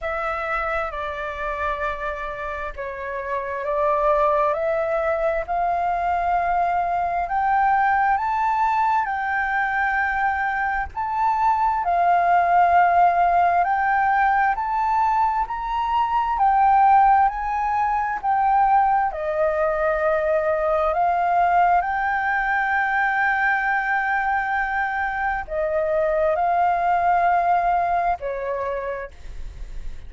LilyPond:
\new Staff \with { instrumentName = "flute" } { \time 4/4 \tempo 4 = 66 e''4 d''2 cis''4 | d''4 e''4 f''2 | g''4 a''4 g''2 | a''4 f''2 g''4 |
a''4 ais''4 g''4 gis''4 | g''4 dis''2 f''4 | g''1 | dis''4 f''2 cis''4 | }